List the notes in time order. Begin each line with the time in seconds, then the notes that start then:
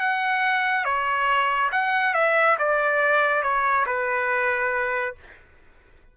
0.00 F#5
0.85 C#5
1.72 F#5
2.14 E5
2.59 D5
3.42 C#5
3.86 B4